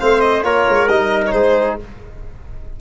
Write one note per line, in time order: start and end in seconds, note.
0.00 0.43 A3
0.00 0.43 C4
0.00 0.45 C5
0.00 0.21 F5
0.21 0.43 D#5
0.43 0.66 A#3
0.43 0.89 F4
0.43 1.35 A#4
0.43 0.89 C#5
0.69 0.89 G#3
0.89 1.34 G3
0.89 1.81 D#4
0.89 1.23 D#5
1.27 1.77 C5
1.27 1.32 C#5
1.34 1.79 G#3
1.34 1.80 G#4